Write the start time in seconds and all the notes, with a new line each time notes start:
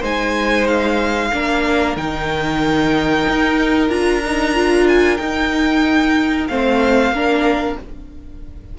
0.00 G#3 D#4 C5 G#5
0.67 F5
1.33 A#3 D4 A#4
1.96 D#3 D#4 G5
3.28 D#4
3.89 D4 F4 A#5
4.25 D#4
4.55 F4
4.88 G#5
5.17 D#4 G5
6.48 A3 C4 C5 F5
7.10 A#3 D4 A#4